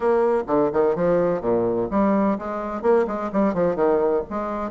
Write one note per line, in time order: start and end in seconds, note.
0.00 0.43 A#3
0.47 0.70 D3
0.73 0.95 D#3
0.95 1.41 F3
1.41 1.88 A#2
1.90 2.38 G3
2.38 2.82 G#3
2.82 3.05 A#3
3.07 3.30 G#3
3.32 3.53 G3
3.53 3.75 F3
3.75 4.23 D#3
4.29 4.70 G#3